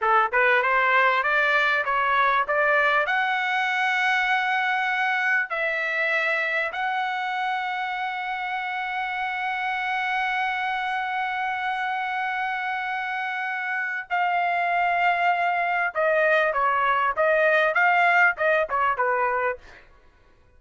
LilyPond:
\new Staff \with { instrumentName = "trumpet" } { \time 4/4 \tempo 4 = 98 a'8 b'8 c''4 d''4 cis''4 | d''4 fis''2.~ | fis''4 e''2 fis''4~ | fis''1~ |
fis''1~ | fis''2. f''4~ | f''2 dis''4 cis''4 | dis''4 f''4 dis''8 cis''8 b'4 | }